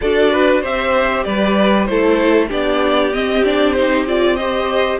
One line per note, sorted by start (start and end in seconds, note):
0.01 0.63 D4
0.01 0.62 F#4
0.01 0.32 A4
0.01 0.63 D5
0.32 0.61 B4
0.61 1.25 C4
0.61 1.88 G4
0.61 1.23 C5
0.61 1.24 E5
1.24 1.88 G3
1.24 1.88 B4
1.24 1.85 D5
1.85 2.50 A3
1.85 2.49 E4
1.85 2.48 A4
1.85 2.48 C5
2.48 3.13 B3
2.48 3.11 D4
2.48 4.35 G4
2.48 3.13 D5
3.13 3.44 C4
3.13 4.99 C4
3.13 3.44 D#5
3.44 3.75 D4
3.44 3.73 D5
3.73 4.06 D#4
3.73 4.04 C5
4.06 4.38 F4
4.06 4.36 D5
4.36 4.99 G4
4.36 4.99 C5
4.36 4.98 D#5